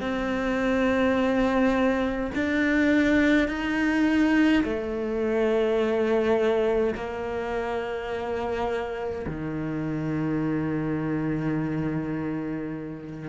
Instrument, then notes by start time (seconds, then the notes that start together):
cello
0.00 C4
2.35 D4
3.48 D#4
4.64 A3
6.95 A#3
9.26 D#3